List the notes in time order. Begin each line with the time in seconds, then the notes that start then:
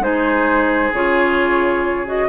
0.00 G#3 D#4 G#4 C5
0.94 C#3 F4 C#5
2.06 F#4 D#5